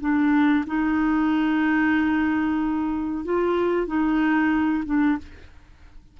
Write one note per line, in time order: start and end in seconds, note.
0.00 0.65 D4
0.67 3.25 D#4
3.25 3.87 F4
3.87 4.84 D#4
4.85 5.18 D4